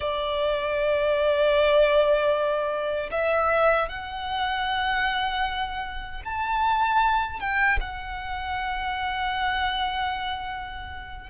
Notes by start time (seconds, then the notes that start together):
0.00 D5
3.11 E5
3.88 F#5
6.24 A5
7.40 G5
7.80 F#5